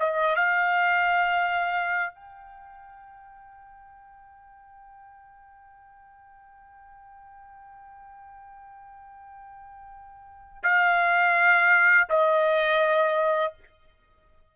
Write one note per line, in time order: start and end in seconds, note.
0.00 0.36 D#5
0.36 2.15 F5
2.15 10.64 G5
10.64 12.08 F5
12.10 13.54 D#5